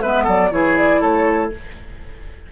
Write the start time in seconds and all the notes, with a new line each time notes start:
0.00 G#3 B3 B4 E5
0.23 F#3 A4 D5
0.50 E3 E4 G#4 C#5
0.77 D5
1.00 A3 A4 C#5